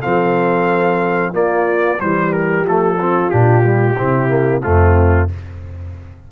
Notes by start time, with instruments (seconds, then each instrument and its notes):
0.00 tuba F3, trombone C4, horn A4, trumpet F5
1.33 trombone A#3, tuba A#3, horn F4, trumpet D5
2.00 tuba E3, trombone G3, horn G4, trumpet C5
2.33 trumpet A#4
2.64 tuba F3, trombone A3, trumpet A4
2.99 trombone C4, horn F4
3.30 tuba A#2, trombone D4, trumpet G4
3.63 trombone G3
3.97 tuba C3, trombone C4, horn E4
4.29 trombone A#3
4.62 tuba F2, trombone A3, horn C4, trumpet F4